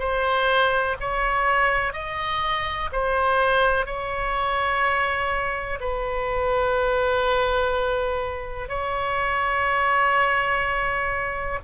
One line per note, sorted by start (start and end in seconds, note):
0.00 0.97 C5
1.01 1.94 C#5
1.94 2.90 D#5
2.93 3.86 C5
3.86 5.80 C#5
5.81 8.69 B4
8.69 11.60 C#5